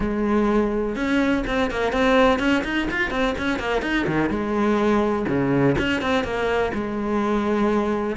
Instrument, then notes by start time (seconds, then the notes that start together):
cello
0.00 G#3
0.95 C#4
1.46 C4
1.70 A#3
1.92 C4
2.39 C#4
2.64 D#4
2.90 F4
3.10 C4
3.37 C#4
3.59 A#3
3.82 D#4
4.06 D#3
4.29 G#3
5.28 C#3
5.78 C#4
6.01 C4
6.24 A#3
6.74 G#3